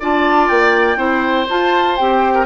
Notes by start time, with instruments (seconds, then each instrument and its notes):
0.00 bassoon D4, clarinet F4, oboe D5, flute A5
0.48 bassoon A#3, flute G5
0.96 bassoon C4, clarinet E4, oboe C5
1.49 clarinet F4, bassoon F4, flute A5
1.96 bassoon C4, clarinet G4, flute G5
2.34 oboe A#4